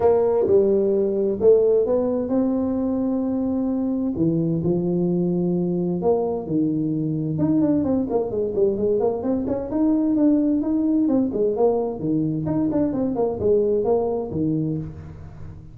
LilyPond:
\new Staff \with { instrumentName = "tuba" } { \time 4/4 \tempo 4 = 130 ais4 g2 a4 | b4 c'2.~ | c'4 e4 f2~ | f4 ais4 dis2 |
dis'8 d'8 c'8 ais8 gis8 g8 gis8 ais8 | c'8 cis'8 dis'4 d'4 dis'4 | c'8 gis8 ais4 dis4 dis'8 d'8 | c'8 ais8 gis4 ais4 dis4 | }